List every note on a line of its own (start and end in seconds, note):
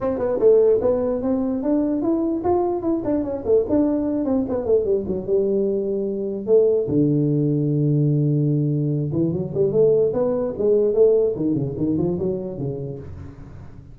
0.01 0.18 C4
0.18 0.39 B3
0.39 0.79 A3
0.81 1.22 B3
1.22 1.62 C4
1.62 2.02 D4
2.02 2.42 E4
2.44 2.82 F4
2.82 3.02 E4
3.04 3.23 D4
3.23 3.44 C#4
3.45 3.65 A3
3.69 4.25 D4
4.25 4.45 C4
4.48 4.65 B3
4.65 4.84 A3
4.84 5.05 G3
5.07 5.26 F#3
5.26 6.46 G3
6.46 6.87 A3
6.88 9.11 D3
9.12 9.32 E3
9.32 9.53 F#3
9.54 9.71 G3
9.71 10.12 A3
10.13 10.54 B3
10.57 10.94 G#3
10.94 11.34 A3
11.36 11.54 D#3
11.54 11.74 C#3
11.77 11.97 D#3
11.98 12.18 F3
12.18 12.58 F#3
12.58 12.98 C#3